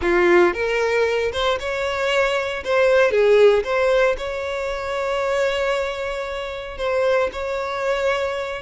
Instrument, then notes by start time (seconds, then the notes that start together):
violin
0.01 F4
0.53 A#4
1.32 C5
1.59 C#5
2.64 C5
3.11 G#4
3.64 C5
4.17 C#5
6.77 C5
7.32 C#5